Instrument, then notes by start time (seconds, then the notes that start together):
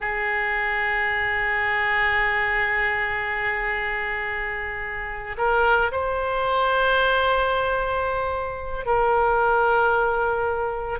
oboe
0.00 G#4
5.37 A#4
5.91 C5
8.85 A#4